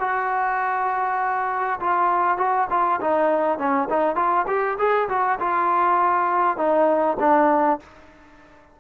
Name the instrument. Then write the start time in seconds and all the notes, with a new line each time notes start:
trombone
0.00 F#4
1.81 F4
2.38 F#4
2.71 F4
3.01 D#4
3.59 C#4
3.90 D#4
4.16 F4
4.48 G4
4.79 G#4
5.09 F#4
5.40 F4
6.58 D#4
7.20 D4